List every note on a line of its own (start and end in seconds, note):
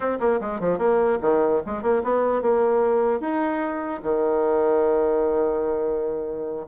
0.00 0.18 C4
0.20 0.40 A#3
0.40 0.60 G#3
0.60 0.78 F3
0.78 1.18 A#3
1.21 1.61 D#3
1.66 1.82 G#3
1.82 2.02 A#3
2.03 2.42 B3
2.42 3.20 A#3
3.20 4.01 D#4
4.02 6.66 D#3